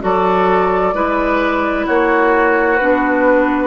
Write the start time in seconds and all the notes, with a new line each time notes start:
0.00 F#3 F#4 A4 D5
0.93 G#3 E4 B4
1.86 A#3 F#4 C#5
2.76 B3 D4 B4